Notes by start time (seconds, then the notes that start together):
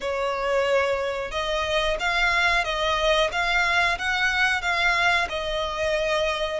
0.01 C#5
1.31 D#5
1.99 F5
2.64 D#5
3.32 F5
3.98 F#5
4.61 F5
5.29 D#5